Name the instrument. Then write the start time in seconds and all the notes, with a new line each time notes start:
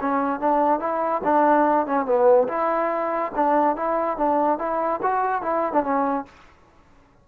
trombone
0.00 C#4
0.39 D4
0.79 E4
1.24 D4
1.86 C#4
2.05 B3
2.48 E4
3.35 D4
3.76 E4
4.17 D4
4.58 E4
5.02 F#4
5.41 E4
5.72 D4
5.83 C#4